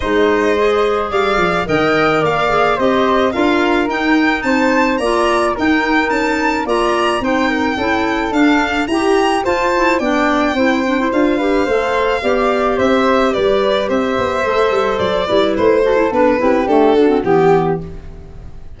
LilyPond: <<
  \new Staff \with { instrumentName = "violin" } { \time 4/4 \tempo 4 = 108 dis''2 f''4 g''4 | f''4 dis''4 f''4 g''4 | a''4 ais''4 g''4 a''4 | ais''4 g''2 f''4 |
ais''4 a''4 g''2 | f''2. e''4 | d''4 e''2 d''4 | c''4 b'4 a'4 g'4 | }
  \new Staff \with { instrumentName = "flute" } { \time 4/4 c''2 d''4 dis''4 | d''4 c''4 ais'2 | c''4 d''4 ais'2 | d''4 c''8 ais'8 a'2 |
g'4 c''4 d''4 c''4~ | c''8 b'8 c''4 d''4 c''4 | b'4 c''2~ c''8 b'8~ | b'8 a'4 g'4 fis'8 g'4 | }
  \new Staff \with { instrumentName = "clarinet" } { \time 4/4 dis'4 gis'2 ais'4~ | ais'8 gis'8 g'4 f'4 dis'4~ | dis'4 f'4 dis'2 | f'4 dis'4 e'4 d'4 |
g'4 f'8 e'8 d'4 e'8 d'16 e'16 | f'8 g'8 a'4 g'2~ | g'2 a'4. e'8~ | e'8 fis'16 e'16 d'8 e'8 a8 d'16 c'16 b4 | }
  \new Staff \with { instrumentName = "tuba" } { \time 4/4 gis2 g8 f8 dis4 | ais4 c'4 d'4 dis'4 | c'4 ais4 dis'4 cis'4 | ais4 c'4 cis'4 d'4 |
e'4 f'4 b4 c'4 | d'4 a4 b4 c'4 | g4 c'8 b8 a8 g8 fis8 g8 | a4 b8 c'8 d'4 e4 | }
>>